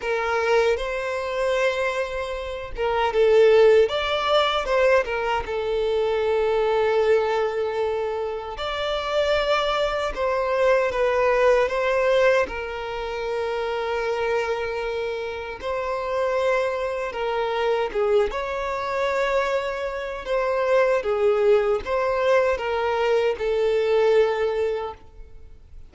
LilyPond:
\new Staff \with { instrumentName = "violin" } { \time 4/4 \tempo 4 = 77 ais'4 c''2~ c''8 ais'8 | a'4 d''4 c''8 ais'8 a'4~ | a'2. d''4~ | d''4 c''4 b'4 c''4 |
ais'1 | c''2 ais'4 gis'8 cis''8~ | cis''2 c''4 gis'4 | c''4 ais'4 a'2 | }